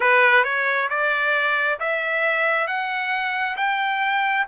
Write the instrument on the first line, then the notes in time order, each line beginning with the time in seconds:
trumpet
0.00 B4
0.44 C#5
0.89 D5
1.79 E5
2.67 F#5
3.57 G5